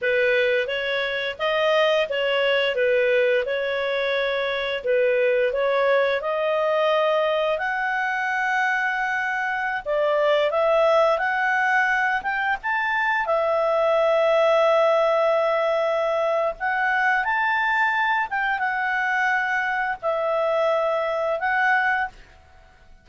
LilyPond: \new Staff \with { instrumentName = "clarinet" } { \time 4/4 \tempo 4 = 87 b'4 cis''4 dis''4 cis''4 | b'4 cis''2 b'4 | cis''4 dis''2 fis''4~ | fis''2~ fis''16 d''4 e''8.~ |
e''16 fis''4. g''8 a''4 e''8.~ | e''1 | fis''4 a''4. g''8 fis''4~ | fis''4 e''2 fis''4 | }